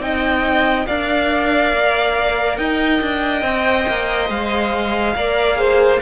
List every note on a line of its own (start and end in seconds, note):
0.00 0.86 C4
0.00 0.87 D#4
0.00 0.88 D#5
0.00 0.87 G5
0.87 1.73 D4
0.87 3.43 A#4
0.87 2.59 D5
0.87 2.57 F5
1.73 2.58 A#3
2.57 3.01 D#4
2.57 5.16 D#5
2.57 4.29 G5
3.02 3.43 D4
3.43 3.86 C4
3.43 5.15 C5
3.89 4.30 A#3
4.30 5.15 G#3
4.30 6.02 F5
5.16 6.01 A#3
5.16 5.56 A#4
5.16 5.59 D5
5.56 5.98 G#4
5.56 6.02 C5